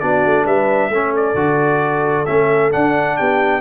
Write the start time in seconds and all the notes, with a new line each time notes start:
0.00 B3 D4 F#4 D5
0.26 A3
0.45 G3 B4 E5
0.89 A3 C#4 A4
1.16 D5
1.35 D3 F#4
2.26 A3 C#4 E5
2.72 D4 F#5
3.17 B3 G4 G5